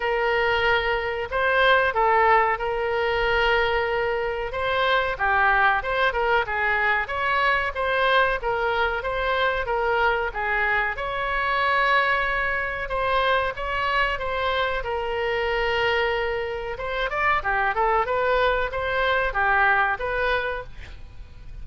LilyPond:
\new Staff \with { instrumentName = "oboe" } { \time 4/4 \tempo 4 = 93 ais'2 c''4 a'4 | ais'2. c''4 | g'4 c''8 ais'8 gis'4 cis''4 | c''4 ais'4 c''4 ais'4 |
gis'4 cis''2. | c''4 cis''4 c''4 ais'4~ | ais'2 c''8 d''8 g'8 a'8 | b'4 c''4 g'4 b'4 | }